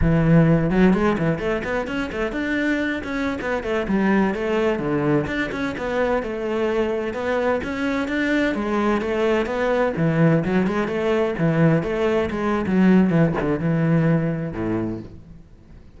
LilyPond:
\new Staff \with { instrumentName = "cello" } { \time 4/4 \tempo 4 = 128 e4. fis8 gis8 e8 a8 b8 | cis'8 a8 d'4. cis'8. b8 a16~ | a16 g4 a4 d4 d'8 cis'16~ | cis'16 b4 a2 b8.~ |
b16 cis'4 d'4 gis4 a8.~ | a16 b4 e4 fis8 gis8 a8.~ | a16 e4 a4 gis8. fis4 | e8 d8 e2 a,4 | }